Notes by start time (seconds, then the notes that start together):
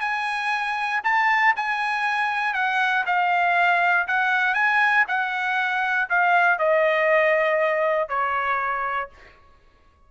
0.00 G#5
1.04 A5
1.56 G#5
2.53 F#5
3.06 F5
4.07 F#5
4.54 G#5
5.07 F#5
6.09 F5
6.58 D#5
8.08 C#5